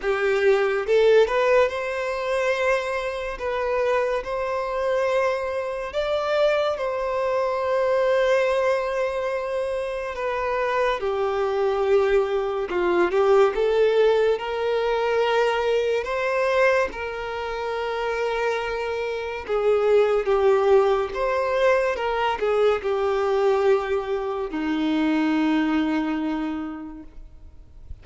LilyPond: \new Staff \with { instrumentName = "violin" } { \time 4/4 \tempo 4 = 71 g'4 a'8 b'8 c''2 | b'4 c''2 d''4 | c''1 | b'4 g'2 f'8 g'8 |
a'4 ais'2 c''4 | ais'2. gis'4 | g'4 c''4 ais'8 gis'8 g'4~ | g'4 dis'2. | }